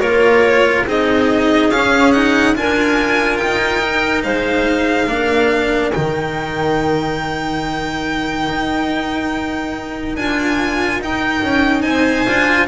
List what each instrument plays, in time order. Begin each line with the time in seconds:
0.00 double bass A#3, cello F4, clarinet A#4, violin C#5
0.87 double bass C4, cello D#4, clarinet G#4, violin D#5
1.71 double bass C#4, cello C#4, violin F5
2.12 cello D#4, violin F#5
2.55 double bass D4, cello F4, clarinet A#4, violin G#5
3.37 double bass D#4, violin G5
3.82 cello D#4
4.23 double bass G#3, clarinet C5, violin F5
5.08 double bass A#3, cello D4, clarinet A#4
5.93 double bass D#3, cello D#4, violin G5
8.49 double bass D#4
10.16 double bass D4, cello F4, violin G#5
11.00 double bass D#4, cello D#4, violin G5
11.42 double bass C#4
11.82 double bass C4, clarinet C5, violin G#5
12.27 double bass D4, cello F4